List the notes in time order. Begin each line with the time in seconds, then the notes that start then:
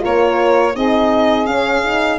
0.00 A#3 F4 A#4 C#5
0.75 C4 D#4 G#4 D#5
1.47 C#4 F5
1.84 D#4